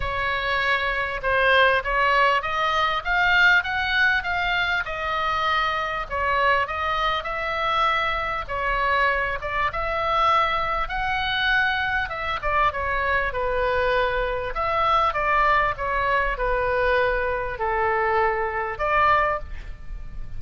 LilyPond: \new Staff \with { instrumentName = "oboe" } { \time 4/4 \tempo 4 = 99 cis''2 c''4 cis''4 | dis''4 f''4 fis''4 f''4 | dis''2 cis''4 dis''4 | e''2 cis''4. d''8 |
e''2 fis''2 | e''8 d''8 cis''4 b'2 | e''4 d''4 cis''4 b'4~ | b'4 a'2 d''4 | }